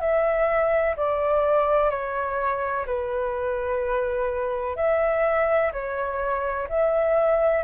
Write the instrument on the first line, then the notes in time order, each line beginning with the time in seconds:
flute
0.00 E5
0.97 D5
1.90 C#5
2.86 B4
4.76 E5
5.72 C#5
6.68 E5